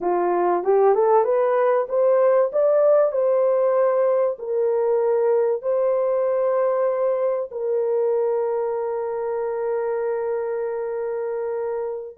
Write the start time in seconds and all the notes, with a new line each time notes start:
0.01 F4
0.63 G4
0.94 A4
1.24 B4
1.88 C5
2.52 D5
3.12 C5
4.38 A#4
5.62 C5
7.51 A#4